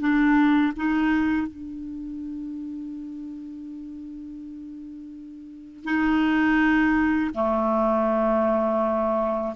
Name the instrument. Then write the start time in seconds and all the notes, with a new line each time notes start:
clarinet
0.00 D4
0.77 D#4
1.48 D4
5.85 D#4
7.35 A3